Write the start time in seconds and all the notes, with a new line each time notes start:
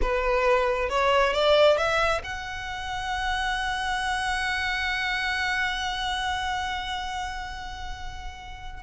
0.01 B4
0.89 C#5
1.33 D5
1.77 E5
2.23 F#5